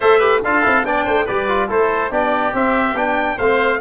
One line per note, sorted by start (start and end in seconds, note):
0.00 0.43 A3
0.00 0.19 A4
0.00 0.18 C5
0.00 0.42 E5
0.18 0.40 G4
0.18 0.40 B4
0.43 0.65 D4
0.43 0.62 F4
0.43 0.87 A4
0.43 0.85 F5
0.62 0.84 C4
0.62 0.83 E4
0.84 1.05 B3
0.84 1.26 D4
0.84 1.04 D5
0.84 1.27 G5
1.04 1.27 A3
1.04 1.25 C5
1.25 1.68 G3
1.25 1.48 G4
1.25 1.67 B4
1.25 1.69 D5
1.48 1.68 F4
1.68 2.10 A3
1.68 2.10 E4
1.68 2.10 A4
1.68 2.12 C5
2.10 2.53 B3
2.10 2.52 D4
2.10 3.36 G4
2.10 2.54 D5
2.52 2.94 C4
2.52 2.97 E5
2.94 3.36 B3
2.94 3.38 D4
2.94 3.38 G5
3.36 3.80 A3
3.36 3.80 C4
3.36 3.78 C5
3.36 3.80 F5